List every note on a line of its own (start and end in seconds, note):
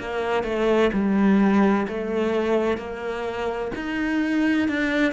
0.00 0.44 A#3
0.44 0.91 A3
0.93 1.87 G3
1.88 2.78 A3
2.78 3.72 A#3
3.75 4.69 D#4
4.69 5.13 D4